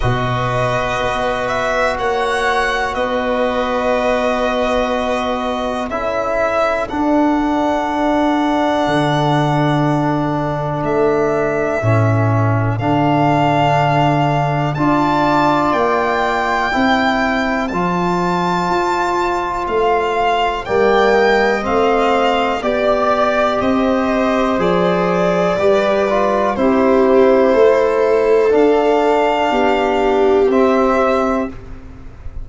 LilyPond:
<<
  \new Staff \with { instrumentName = "violin" } { \time 4/4 \tempo 4 = 61 dis''4. e''8 fis''4 dis''4~ | dis''2 e''4 fis''4~ | fis''2. e''4~ | e''4 f''2 a''4 |
g''2 a''2 | f''4 g''4 f''4 d''4 | dis''4 d''2 c''4~ | c''4 f''2 e''4 | }
  \new Staff \with { instrumentName = "viola" } { \time 4/4 b'2 cis''4 b'4~ | b'2 a'2~ | a'1~ | a'2. d''4~ |
d''4 c''2.~ | c''4 d''8 dis''4. d''4 | c''2 b'4 g'4 | a'2 g'2 | }
  \new Staff \with { instrumentName = "trombone" } { \time 4/4 fis'1~ | fis'2 e'4 d'4~ | d'1 | cis'4 d'2 f'4~ |
f'4 e'4 f'2~ | f'4 ais4 c'4 g'4~ | g'4 gis'4 g'8 f'8 e'4~ | e'4 d'2 c'4 | }
  \new Staff \with { instrumentName = "tuba" } { \time 4/4 b,4 b4 ais4 b4~ | b2 cis'4 d'4~ | d'4 d2 a4 | a,4 d2 d'4 |
ais4 c'4 f4 f'4 | a4 g4 a4 b4 | c'4 f4 g4 c'4 | a4 d'4 b4 c'4 | }
>>